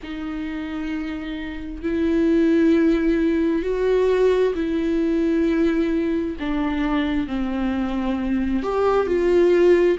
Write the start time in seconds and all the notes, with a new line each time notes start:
0.02 D#4
1.83 E4
3.62 F#4
4.55 E4
6.39 D4
7.27 C4
8.62 G4
9.07 F4